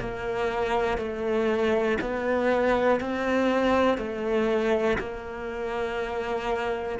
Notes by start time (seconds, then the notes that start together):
0.00 A#3
0.98 A3
2.01 B3
3.00 C4
3.98 A3
4.99 A#3